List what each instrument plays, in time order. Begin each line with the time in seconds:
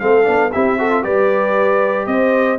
0.00 tuba A3, trombone C4, horn A4, trumpet F5
0.23 tuba B3, trombone D4
0.52 tuba C4, trombone E4, horn G4, trumpet E5
0.78 trombone F#4, horn A4
0.91 trombone F4
1.03 tuba G3, trombone G4, horn B4, trumpet D5
2.07 tuba C4, horn C5, trumpet D#5